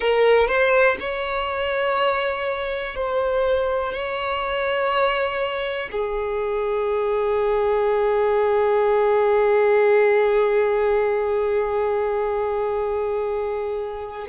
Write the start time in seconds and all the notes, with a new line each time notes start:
0.00 A#4
0.47 C5
1.00 C#5
2.95 C5
3.92 C#5
5.91 G#4